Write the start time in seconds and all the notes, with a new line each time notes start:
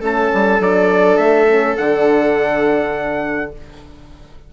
0.00 A3 C#4 A4 A5
0.34 G3
0.60 F#3 D4 D5
1.17 A3 E5
1.47 C#4
1.77 D3 D4 F#5